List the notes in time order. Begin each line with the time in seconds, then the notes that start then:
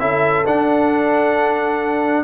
0.00 C#4 E4 A4 E5
0.46 D4 F#5